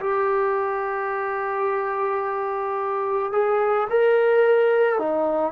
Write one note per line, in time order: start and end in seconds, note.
0.00 3.32 G4
3.32 3.88 G#4
3.89 4.98 A#4
4.98 5.52 D#4